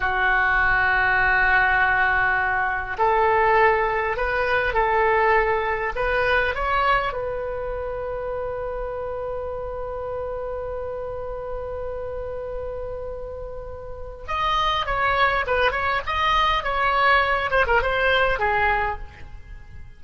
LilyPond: \new Staff \with { instrumentName = "oboe" } { \time 4/4 \tempo 4 = 101 fis'1~ | fis'4 a'2 b'4 | a'2 b'4 cis''4 | b'1~ |
b'1~ | b'1 | dis''4 cis''4 b'8 cis''8 dis''4 | cis''4. c''16 ais'16 c''4 gis'4 | }